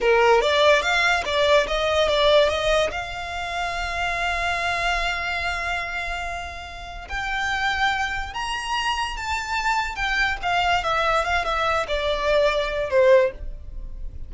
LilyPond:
\new Staff \with { instrumentName = "violin" } { \time 4/4 \tempo 4 = 144 ais'4 d''4 f''4 d''4 | dis''4 d''4 dis''4 f''4~ | f''1~ | f''1~ |
f''4 g''2. | ais''2 a''2 | g''4 f''4 e''4 f''8 e''8~ | e''8 d''2~ d''8 c''4 | }